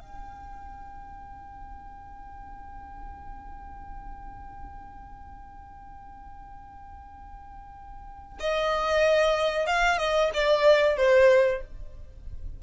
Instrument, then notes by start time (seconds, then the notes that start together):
violin
0.00 G5
8.40 D#5
9.67 F5
9.99 D#5
10.34 D5
10.97 C5